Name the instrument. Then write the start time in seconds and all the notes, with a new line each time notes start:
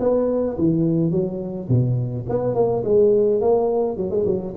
tuba
0.00 B3
0.58 E3
1.11 F#3
1.69 B2
2.29 B3
2.55 A#3
2.84 G#3
3.41 A#3
3.97 F#3
4.11 G#3
4.26 F#3